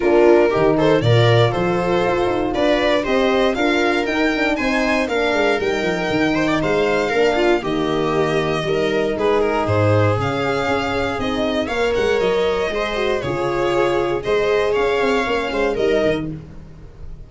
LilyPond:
<<
  \new Staff \with { instrumentName = "violin" } { \time 4/4 \tempo 4 = 118 ais'4. c''8 d''4 c''4~ | c''4 d''4 dis''4 f''4 | g''4 gis''4 f''4 g''4~ | g''4 f''2 dis''4~ |
dis''2 b'8 ais'8 c''4 | f''2 dis''4 f''8 fis''8 | dis''2 cis''2 | dis''4 f''2 dis''4 | }
  \new Staff \with { instrumentName = "viola" } { \time 4/4 f'4 g'8 a'8 ais'4 a'4~ | a'4 b'4 c''4 ais'4~ | ais'4 c''4 ais'2~ | ais'8 c''16 d''16 c''4 ais'8 f'8 g'4~ |
g'4 ais'4 gis'2~ | gis'2. cis''4~ | cis''4 c''4 gis'2 | c''4 cis''4. c''8 ais'4 | }
  \new Staff \with { instrumentName = "horn" } { \time 4/4 d'4 dis'4 f'2~ | f'2 g'4 f'4 | dis'8 d'8 dis'4 d'4 dis'4~ | dis'2 d'4 ais4~ |
ais4 dis'2. | cis'2 dis'4 ais'4~ | ais'4 gis'8 fis'8 f'2 | gis'2 cis'4 dis'4 | }
  \new Staff \with { instrumentName = "tuba" } { \time 4/4 ais4 dis4 ais,4 f4 | f'8 dis'8 d'4 c'4 d'4 | dis'4 c'4 ais8 gis8 g8 f8 | dis4 gis4 ais4 dis4~ |
dis4 g4 gis4 gis,4 | cis4 cis'4 c'4 ais8 gis8 | fis4 gis4 cis2 | gis4 cis'8 c'8 ais8 gis8 g8 dis8 | }
>>